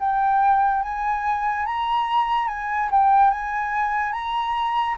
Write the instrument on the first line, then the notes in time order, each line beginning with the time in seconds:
flute
0.00 G5
0.83 G#5
1.66 A#5
2.48 G#5
2.91 G5
3.31 G#5
4.13 A#5